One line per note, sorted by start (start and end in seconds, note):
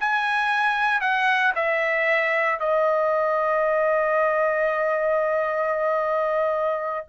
0.00 1.01 G#5
1.01 1.53 F#5
1.56 2.60 E5
2.60 7.07 D#5